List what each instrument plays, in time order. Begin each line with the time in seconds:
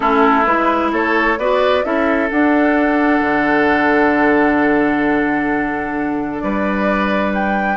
0.00 bassoon A3, clarinet C#4, oboe E4, flute A4
0.44 bassoon G#3, clarinet E4, flute B4
0.92 bassoon A3, oboe A4, flute C#5
1.38 bassoon B3, clarinet F#4, oboe B4, flute D5
1.83 bassoon C#4, clarinet E4, oboe A4, flute E5
2.29 clarinet D4, bassoon D4, flute F#5
3.20 bassoon D3
6.40 bassoon G3, oboe B4, flute D5
7.34 flute G5